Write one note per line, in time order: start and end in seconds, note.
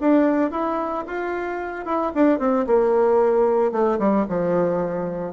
0.00 0.51 D4
0.51 1.04 E4
1.06 1.85 F4
1.85 2.12 E4
2.14 2.38 D4
2.38 2.65 C4
2.66 3.71 A#3
3.71 3.98 A3
3.99 4.25 G3
4.28 5.33 F3